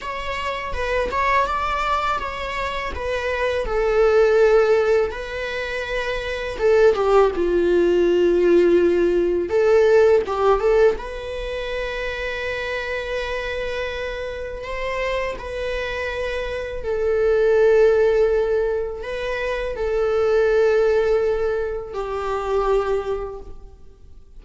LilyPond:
\new Staff \with { instrumentName = "viola" } { \time 4/4 \tempo 4 = 82 cis''4 b'8 cis''8 d''4 cis''4 | b'4 a'2 b'4~ | b'4 a'8 g'8 f'2~ | f'4 a'4 g'8 a'8 b'4~ |
b'1 | c''4 b'2 a'4~ | a'2 b'4 a'4~ | a'2 g'2 | }